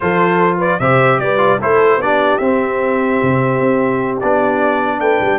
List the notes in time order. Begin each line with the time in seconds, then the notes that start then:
0.00 F3 F4 A4 C5
0.58 B4 D5
0.79 C3 G4 C5 E5
1.19 G3 B4 D5
1.37 F4
1.60 A3 E4 A4 C5
1.97 B3 D4 G4 D5
2.37 C4 E5
3.22 C3
3.59 C4
4.20 B3 D4 D5
5.00 A3 B4 G5
5.20 G3